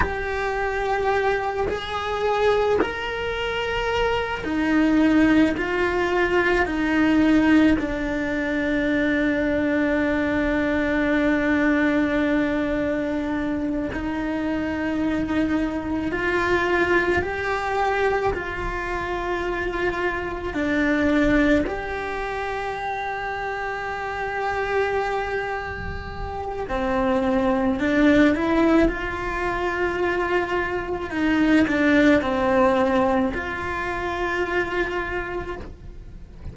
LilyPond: \new Staff \with { instrumentName = "cello" } { \time 4/4 \tempo 4 = 54 g'4. gis'4 ais'4. | dis'4 f'4 dis'4 d'4~ | d'1~ | d'8 dis'2 f'4 g'8~ |
g'8 f'2 d'4 g'8~ | g'1 | c'4 d'8 e'8 f'2 | dis'8 d'8 c'4 f'2 | }